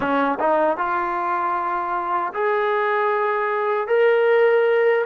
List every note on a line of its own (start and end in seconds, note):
0.00 0.38 C#4
0.39 0.77 D#4
0.77 2.33 F4
2.33 3.87 G#4
3.87 5.04 A#4